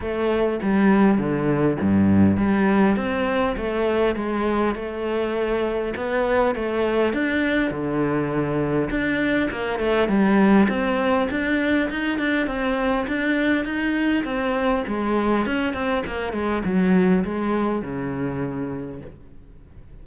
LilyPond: \new Staff \with { instrumentName = "cello" } { \time 4/4 \tempo 4 = 101 a4 g4 d4 g,4 | g4 c'4 a4 gis4 | a2 b4 a4 | d'4 d2 d'4 |
ais8 a8 g4 c'4 d'4 | dis'8 d'8 c'4 d'4 dis'4 | c'4 gis4 cis'8 c'8 ais8 gis8 | fis4 gis4 cis2 | }